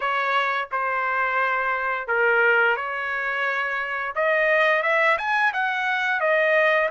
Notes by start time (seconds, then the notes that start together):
0.00 C#5
0.71 C5
2.07 A#4
2.76 C#5
4.15 D#5
4.82 E5
5.18 G#5
5.53 F#5
6.20 D#5